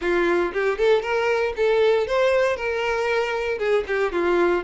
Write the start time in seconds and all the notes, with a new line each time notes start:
0.01 F4
0.53 G4
0.78 A4
1.02 A#4
1.56 A4
2.07 C5
2.56 A#4
3.58 G#4
3.87 G4
4.12 F4